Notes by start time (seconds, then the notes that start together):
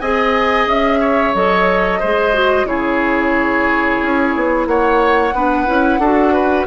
0.00 C4 G#4 D#5 G#5
0.67 C#4 E5
1.00 C#5
1.35 F#3 A4 D#5
2.00 G#3 G#4 C5
2.34 F#4
2.65 C#3 E4 G#4 C#5
4.02 C#4
4.36 B3
4.66 A#3 C#5 F#5
5.34 B3 D4 B4
5.67 C#4 E4
5.99 D4 F#4 A4
6.33 B4